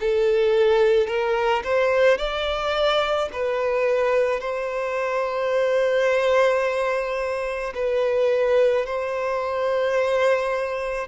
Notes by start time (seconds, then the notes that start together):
0.00 A4
1.07 A#4
1.64 C5
2.18 D5
3.33 B4
4.40 C5
7.75 B4
8.86 C5